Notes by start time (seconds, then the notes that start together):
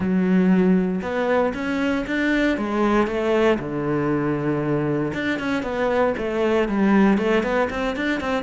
0.00 F#3
1.02 B3
1.54 C#4
2.06 D4
2.57 G#3
3.07 A3
3.59 D3
5.13 D4
5.39 C#4
5.62 B3
6.17 A3
6.68 G3
7.18 A3
7.43 B3
7.70 C4
7.96 D4
8.20 C4